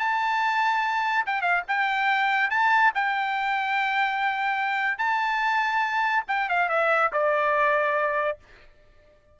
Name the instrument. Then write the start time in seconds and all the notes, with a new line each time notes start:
trumpet
0.00 A5
1.27 G5
1.42 F5
1.68 G5
2.51 A5
2.95 G5
4.99 A5
6.28 G5
6.50 F5
6.69 E5
7.13 D5